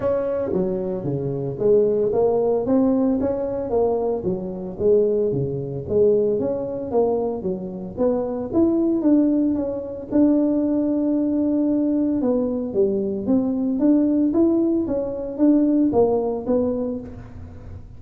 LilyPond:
\new Staff \with { instrumentName = "tuba" } { \time 4/4 \tempo 4 = 113 cis'4 fis4 cis4 gis4 | ais4 c'4 cis'4 ais4 | fis4 gis4 cis4 gis4 | cis'4 ais4 fis4 b4 |
e'4 d'4 cis'4 d'4~ | d'2. b4 | g4 c'4 d'4 e'4 | cis'4 d'4 ais4 b4 | }